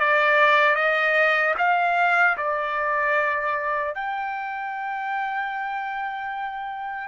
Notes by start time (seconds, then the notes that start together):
0.00 D5
0.76 D#5
1.58 F5
2.38 D5
3.95 G5